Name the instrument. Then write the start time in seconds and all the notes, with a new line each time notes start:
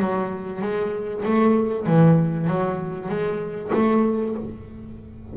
double bass
0.00 F#3
0.62 G#3
1.25 A3
1.87 E3
2.48 F#3
3.09 G#3
3.74 A3